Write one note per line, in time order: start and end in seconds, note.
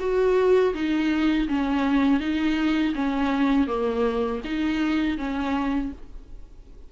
0.00 0.74 F#4
0.74 1.48 D#4
1.48 2.20 C#4
2.20 2.94 D#4
2.95 3.67 C#4
3.67 4.41 A#3
4.44 5.18 D#4
5.18 5.92 C#4